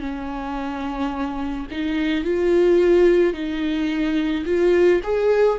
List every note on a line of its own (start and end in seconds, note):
0.00 1.67 C#4
1.72 2.25 D#4
2.25 3.34 F4
3.34 4.45 D#4
4.46 5.02 F4
5.04 5.59 G#4